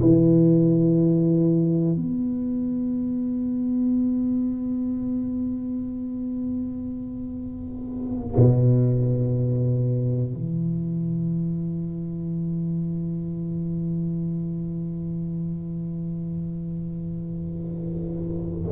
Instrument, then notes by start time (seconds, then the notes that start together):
tuba
0.00 E3
1.96 B3
8.36 B2
10.33 E3